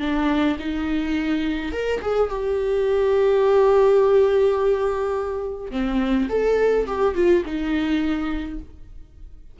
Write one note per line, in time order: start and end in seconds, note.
0.00 0.57 D4
0.59 1.72 D#4
1.72 2.01 A#4
2.01 2.30 G#4
2.30 5.71 G4
5.71 6.28 C4
6.29 6.86 A4
6.86 7.15 G4
7.15 7.43 F4
7.45 8.59 D#4